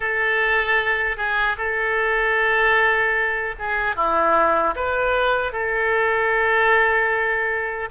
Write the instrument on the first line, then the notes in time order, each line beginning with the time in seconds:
oboe
0.00 A4
1.16 G#4
1.57 A4
3.58 G#4
3.95 E4
4.75 B4
5.52 A4